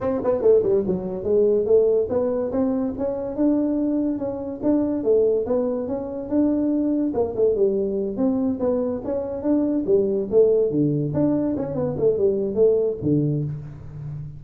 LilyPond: \new Staff \with { instrumentName = "tuba" } { \time 4/4 \tempo 4 = 143 c'8 b8 a8 g8 fis4 gis4 | a4 b4 c'4 cis'4 | d'2 cis'4 d'4 | a4 b4 cis'4 d'4~ |
d'4 ais8 a8 g4. c'8~ | c'8 b4 cis'4 d'4 g8~ | g8 a4 d4 d'4 cis'8 | b8 a8 g4 a4 d4 | }